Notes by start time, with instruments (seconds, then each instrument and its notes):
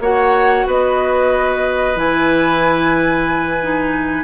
0.00 bassoon A#3, clarinet F#4, oboe C#5, flute F#5
0.66 bassoon B3, oboe B4, flute D#5
1.95 bassoon E3, clarinet E4, flute G#5
3.61 clarinet D#4